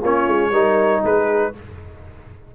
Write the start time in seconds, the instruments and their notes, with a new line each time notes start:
0.00 tuba A#3, trombone C#4, horn F4, trumpet C#5
0.27 tuba G#3
0.51 tuba G3, trombone D#4, horn A#4
1.04 tuba G#3, horn G#4, trumpet B4